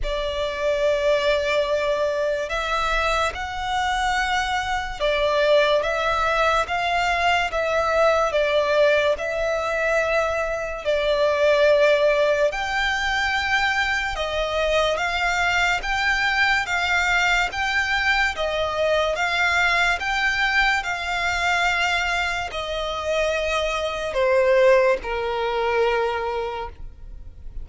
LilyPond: \new Staff \with { instrumentName = "violin" } { \time 4/4 \tempo 4 = 72 d''2. e''4 | fis''2 d''4 e''4 | f''4 e''4 d''4 e''4~ | e''4 d''2 g''4~ |
g''4 dis''4 f''4 g''4 | f''4 g''4 dis''4 f''4 | g''4 f''2 dis''4~ | dis''4 c''4 ais'2 | }